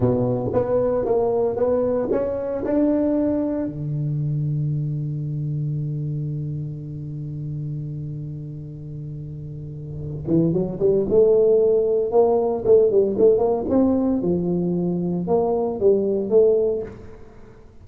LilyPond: \new Staff \with { instrumentName = "tuba" } { \time 4/4 \tempo 4 = 114 b,4 b4 ais4 b4 | cis'4 d'2 d4~ | d1~ | d1~ |
d2.~ d8 e8 | fis8 g8 a2 ais4 | a8 g8 a8 ais8 c'4 f4~ | f4 ais4 g4 a4 | }